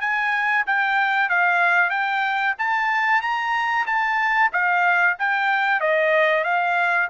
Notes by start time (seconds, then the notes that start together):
0.00 G#5
0.66 G5
1.29 F5
1.90 G5
2.58 A5
3.21 A#5
3.86 A5
4.52 F5
5.18 G5
5.80 D#5
6.43 F5